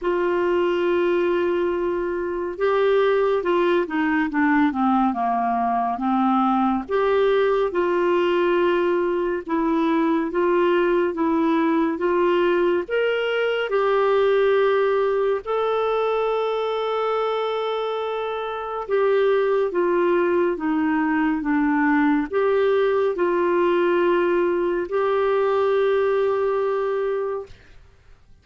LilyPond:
\new Staff \with { instrumentName = "clarinet" } { \time 4/4 \tempo 4 = 70 f'2. g'4 | f'8 dis'8 d'8 c'8 ais4 c'4 | g'4 f'2 e'4 | f'4 e'4 f'4 ais'4 |
g'2 a'2~ | a'2 g'4 f'4 | dis'4 d'4 g'4 f'4~ | f'4 g'2. | }